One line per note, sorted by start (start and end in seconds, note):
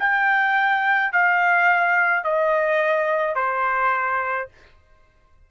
0.00 1.12 G5
1.12 2.24 F5
2.24 3.36 D#5
3.36 4.49 C5